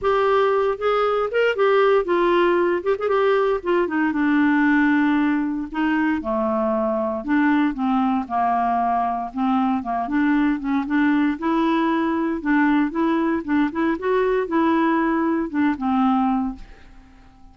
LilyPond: \new Staff \with { instrumentName = "clarinet" } { \time 4/4 \tempo 4 = 116 g'4. gis'4 ais'8 g'4 | f'4. g'16 gis'16 g'4 f'8 dis'8 | d'2. dis'4 | a2 d'4 c'4 |
ais2 c'4 ais8 d'8~ | d'8 cis'8 d'4 e'2 | d'4 e'4 d'8 e'8 fis'4 | e'2 d'8 c'4. | }